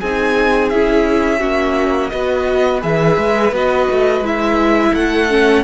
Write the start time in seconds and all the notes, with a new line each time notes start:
0.00 C4 D#4 G#4 G#5
0.69 C#4 E4 E5
1.39 A#3 C#4 F#4
2.09 B3 F#4 B4 D#5
2.81 E3 G#4 E5
3.17 G#3
3.52 B3 F#4 D#5
3.90 A3
4.20 G#3 E4 E5
4.93 A3 A4 F#5
5.29 C#4